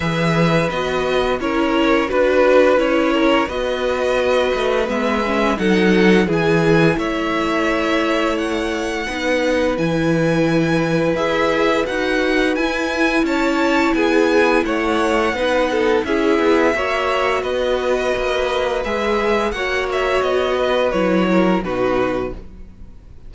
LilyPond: <<
  \new Staff \with { instrumentName = "violin" } { \time 4/4 \tempo 4 = 86 e''4 dis''4 cis''4 b'4 | cis''4 dis''2 e''4 | fis''4 gis''4 e''2 | fis''2 gis''2 |
e''4 fis''4 gis''4 a''4 | gis''4 fis''2 e''4~ | e''4 dis''2 e''4 | fis''8 e''8 dis''4 cis''4 b'4 | }
  \new Staff \with { instrumentName = "violin" } { \time 4/4 b'2 ais'4 b'4~ | b'8 ais'8 b'2. | a'4 gis'4 cis''2~ | cis''4 b'2.~ |
b'2. cis''4 | gis'4 cis''4 b'8 a'8 gis'4 | cis''4 b'2. | cis''4. b'4 ais'8 fis'4 | }
  \new Staff \with { instrumentName = "viola" } { \time 4/4 gis'4 fis'4 e'4 fis'4 | e'4 fis'2 b8 cis'8 | dis'4 e'2.~ | e'4 dis'4 e'2 |
gis'4 fis'4 e'2~ | e'2 dis'4 e'4 | fis'2. gis'4 | fis'2 e'4 dis'4 | }
  \new Staff \with { instrumentName = "cello" } { \time 4/4 e4 b4 cis'4 d'4 | cis'4 b4. a8 gis4 | fis4 e4 a2~ | a4 b4 e2 |
e'4 dis'4 e'4 cis'4 | b4 a4 b4 cis'8 b8 | ais4 b4 ais4 gis4 | ais4 b4 fis4 b,4 | }
>>